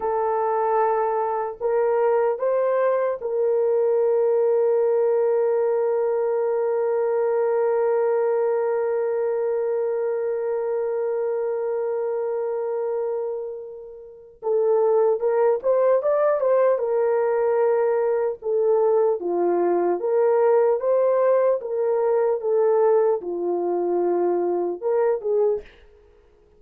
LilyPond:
\new Staff \with { instrumentName = "horn" } { \time 4/4 \tempo 4 = 75 a'2 ais'4 c''4 | ais'1~ | ais'1~ | ais'1~ |
ais'2 a'4 ais'8 c''8 | d''8 c''8 ais'2 a'4 | f'4 ais'4 c''4 ais'4 | a'4 f'2 ais'8 gis'8 | }